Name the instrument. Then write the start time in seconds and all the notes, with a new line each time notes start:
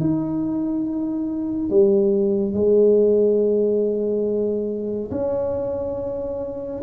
tuba
0.00 D#4
1.70 G3
2.54 G#3
5.11 C#4